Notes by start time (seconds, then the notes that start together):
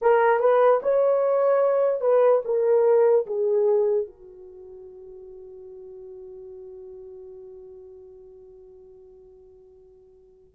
0.01 A#4
0.39 B4
0.82 C#5
2.00 B4
2.44 A#4
3.26 G#4
4.06 F#4